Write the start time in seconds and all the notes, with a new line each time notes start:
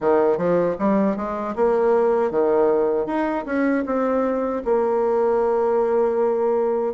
0.00 D#3
0.37 F3
0.78 G3
1.16 G#3
1.55 A#3
2.30 D#3
3.06 D#4
3.45 C#4
3.85 C4
4.64 A#3